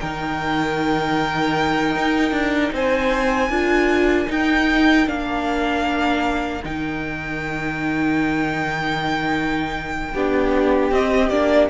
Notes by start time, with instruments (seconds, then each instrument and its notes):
0.00 cello D#3, viola D#4, violin A#4 G5
1.96 cello D#4
2.32 cello D4
2.73 cello C4, violin C5 G#5
3.49 cello D4, viola F4, violin A#4
4.27 viola D#4, cello D#4, violin G5
5.06 cello A#3, viola D4, violin F5
6.64 cello D#3, viola D#4, violin G5
10.14 cello B3, viola D4, violin G4
10.92 cello C4, viola C4, violin D#5
11.29 cello A#3, viola D4, violin D5